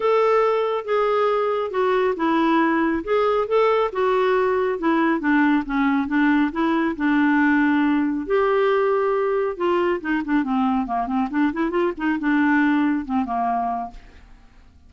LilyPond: \new Staff \with { instrumentName = "clarinet" } { \time 4/4 \tempo 4 = 138 a'2 gis'2 | fis'4 e'2 gis'4 | a'4 fis'2 e'4 | d'4 cis'4 d'4 e'4 |
d'2. g'4~ | g'2 f'4 dis'8 d'8 | c'4 ais8 c'8 d'8 e'8 f'8 dis'8 | d'2 c'8 ais4. | }